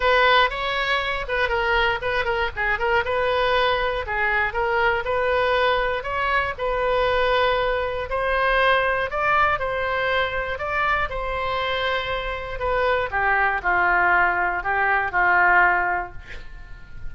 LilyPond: \new Staff \with { instrumentName = "oboe" } { \time 4/4 \tempo 4 = 119 b'4 cis''4. b'8 ais'4 | b'8 ais'8 gis'8 ais'8 b'2 | gis'4 ais'4 b'2 | cis''4 b'2. |
c''2 d''4 c''4~ | c''4 d''4 c''2~ | c''4 b'4 g'4 f'4~ | f'4 g'4 f'2 | }